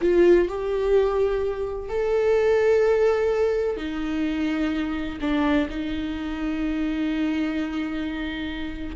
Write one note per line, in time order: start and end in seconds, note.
0.01 0.48 F4
0.48 1.88 G4
1.88 3.77 A4
3.77 5.18 D#4
5.21 5.68 D4
5.69 8.96 D#4